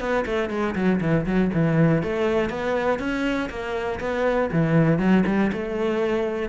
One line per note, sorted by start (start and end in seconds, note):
0.00 0.25 B3
0.25 0.50 A3
0.50 0.75 G#3
0.75 1.00 F#3
1.01 1.26 E3
1.26 1.51 F#3
1.54 2.03 E3
2.03 2.50 A3
2.50 2.99 B3
2.99 3.49 C#4
3.50 4.00 A#3
4.00 4.50 B3
4.52 4.99 E3
4.99 5.24 F#3
5.26 5.51 G3
5.52 6.49 A3